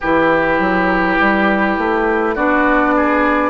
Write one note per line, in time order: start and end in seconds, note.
0.00 0.58 E3
0.00 2.36 E4
0.00 2.35 G4
0.00 2.36 B4
0.58 1.17 F#3
1.19 1.77 G3
1.77 2.36 A3
2.35 3.50 B3
2.35 3.50 D4
2.35 2.93 F#4
2.35 3.50 D5
2.96 3.50 G#4